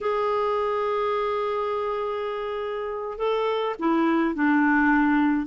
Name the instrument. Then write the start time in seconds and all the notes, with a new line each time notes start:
clarinet
0.00 G#4
3.18 A4
3.79 E4
4.35 D4